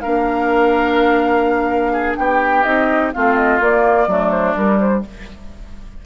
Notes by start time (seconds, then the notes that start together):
0.00 A#3 D4 A#4 F5
1.92 G#4
2.16 B3 G4 G5
2.63 C4 D#4 D#5
3.13 A3 C4 F4 F5
3.36 D#5
3.60 A#3 D5
4.07 F#3 A3 D4
4.30 C5
4.55 G3 A#4
4.79 C5